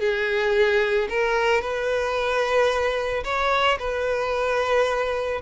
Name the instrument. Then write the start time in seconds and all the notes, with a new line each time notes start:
violin
0.00 G#4
1.10 A#4
1.62 B4
3.24 C#5
3.79 B4